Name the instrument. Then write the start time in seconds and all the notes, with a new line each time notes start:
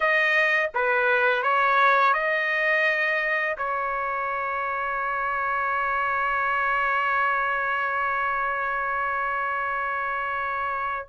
trumpet
0.00 D#5
0.74 B4
1.43 C#5
2.13 D#5
3.57 C#5